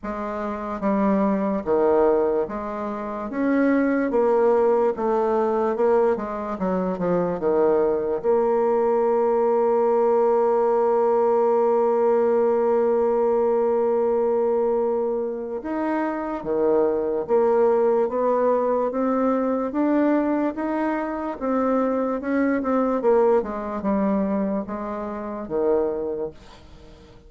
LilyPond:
\new Staff \with { instrumentName = "bassoon" } { \time 4/4 \tempo 4 = 73 gis4 g4 dis4 gis4 | cis'4 ais4 a4 ais8 gis8 | fis8 f8 dis4 ais2~ | ais1~ |
ais2. dis'4 | dis4 ais4 b4 c'4 | d'4 dis'4 c'4 cis'8 c'8 | ais8 gis8 g4 gis4 dis4 | }